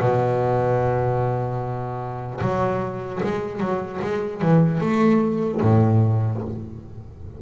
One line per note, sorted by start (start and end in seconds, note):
0.00 2.40 B2
2.41 3.21 F#3
3.23 3.60 G#3
3.60 4.00 F#3
4.01 4.41 G#3
4.41 4.80 E3
4.80 5.60 A3
5.61 6.41 A2